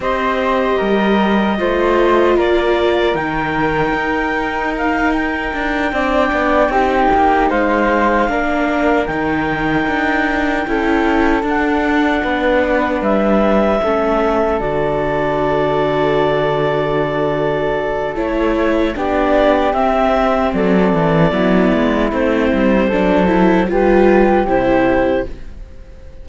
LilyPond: <<
  \new Staff \with { instrumentName = "clarinet" } { \time 4/4 \tempo 4 = 76 dis''2. d''4 | g''2 f''8 g''4.~ | g''4. f''2 g''8~ | g''2~ g''8 fis''4.~ |
fis''8 e''2 d''4.~ | d''2. cis''4 | d''4 e''4 d''2 | c''2 b'4 c''4 | }
  \new Staff \with { instrumentName = "flute" } { \time 4/4 c''4 ais'4 c''4 ais'4~ | ais'2.~ ais'8 d''8~ | d''8 g'4 c''4 ais'4.~ | ais'4. a'2 b'8~ |
b'4. a'2~ a'8~ | a'1 | g'2 a'4 e'4~ | e'4 a'4 g'2 | }
  \new Staff \with { instrumentName = "viola" } { \time 4/4 g'2 f'2 | dis'2.~ dis'8 d'8~ | d'8 dis'2 d'4 dis'8~ | dis'4. e'4 d'4.~ |
d'4. cis'4 fis'4.~ | fis'2. e'4 | d'4 c'2 b4 | c'4 d'8 e'8 f'4 e'4 | }
  \new Staff \with { instrumentName = "cello" } { \time 4/4 c'4 g4 a4 ais4 | dis4 dis'2 d'8 c'8 | b8 c'8 ais8 gis4 ais4 dis8~ | dis8 d'4 cis'4 d'4 b8~ |
b8 g4 a4 d4.~ | d2. a4 | b4 c'4 fis8 e8 fis8 gis8 | a8 g8 fis4 g4 c4 | }
>>